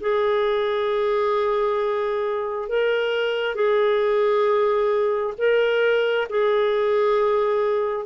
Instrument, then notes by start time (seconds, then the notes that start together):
clarinet
0.00 G#4
2.68 A#4
3.55 G#4
5.37 A#4
6.29 G#4